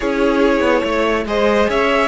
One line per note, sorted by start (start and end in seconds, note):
0.00 0.60 C#4
0.00 1.27 E4
0.00 0.83 G#4
0.00 1.23 C#5
0.60 0.81 B3
0.83 1.25 A3
0.83 1.25 C#5
1.25 1.67 G#3
1.25 2.08 G#4
1.25 1.69 C5
1.25 1.69 D#5
1.69 2.08 C#4
1.69 2.08 C#5
1.69 2.08 E5